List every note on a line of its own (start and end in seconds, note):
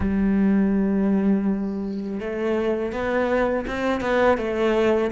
0.00 2.20 G3
2.20 2.92 A3
2.92 3.65 B3
3.67 4.00 C4
4.00 4.37 B3
4.37 5.10 A3